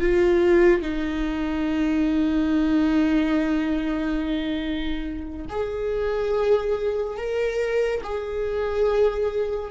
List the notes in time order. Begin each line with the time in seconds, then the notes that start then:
0.00 F4
0.81 D#4
5.49 G#4
7.17 A#4
8.03 G#4